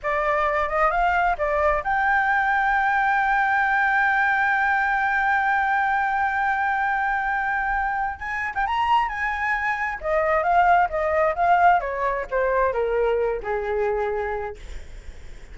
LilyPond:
\new Staff \with { instrumentName = "flute" } { \time 4/4 \tempo 4 = 132 d''4. dis''8 f''4 d''4 | g''1~ | g''1~ | g''1~ |
g''2 gis''8. g''16 ais''4 | gis''2 dis''4 f''4 | dis''4 f''4 cis''4 c''4 | ais'4. gis'2~ gis'8 | }